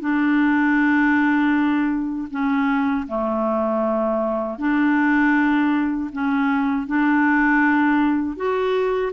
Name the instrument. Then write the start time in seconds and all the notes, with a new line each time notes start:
clarinet
0.00 D4
2.31 C#4
3.08 A3
4.58 D4
6.12 C#4
6.87 D4
8.36 F#4